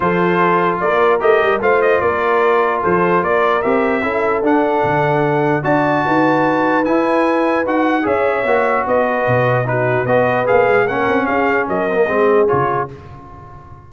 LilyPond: <<
  \new Staff \with { instrumentName = "trumpet" } { \time 4/4 \tempo 4 = 149 c''2 d''4 dis''4 | f''8 dis''8 d''2 c''4 | d''4 e''2 fis''4~ | fis''2 a''2~ |
a''4 gis''2 fis''4 | e''2 dis''2 | b'4 dis''4 f''4 fis''4 | f''4 dis''2 cis''4 | }
  \new Staff \with { instrumentName = "horn" } { \time 4/4 a'2 ais'2 | c''4 ais'2 a'4 | ais'2 a'2~ | a'2 d''4 b'4~ |
b'1 | cis''2 b'2 | fis'4 b'2 ais'4 | gis'4 ais'4 gis'2 | }
  \new Staff \with { instrumentName = "trombone" } { \time 4/4 f'2. g'4 | f'1~ | f'4 g'4 e'4 d'4~ | d'2 fis'2~ |
fis'4 e'2 fis'4 | gis'4 fis'2. | dis'4 fis'4 gis'4 cis'4~ | cis'4. c'16 ais16 c'4 f'4 | }
  \new Staff \with { instrumentName = "tuba" } { \time 4/4 f2 ais4 a8 g8 | a4 ais2 f4 | ais4 c'4 cis'4 d'4 | d2 d'4 dis'4~ |
dis'4 e'2 dis'4 | cis'4 ais4 b4 b,4~ | b,4 b4 ais8 gis8 ais8 c'8 | cis'4 fis4 gis4 cis4 | }
>>